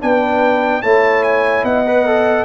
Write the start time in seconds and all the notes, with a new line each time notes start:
0.00 B3 D4 B4 G5
0.82 A3 E4 C#5 A5
1.23 G#5
1.63 B3 D#5 F#5
1.86 B4
2.06 A4